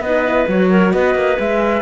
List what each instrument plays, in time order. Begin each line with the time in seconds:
0.00 cello B3, clarinet B4, flute D#5
0.06 horn D#4
0.26 horn E4
0.48 cello F#3, horn F#4, flute C#5
0.70 clarinet A#4
0.92 cello B3, clarinet B4, flute D#5
1.15 cello A#3
1.37 cello G#3, horn G#4, flute E5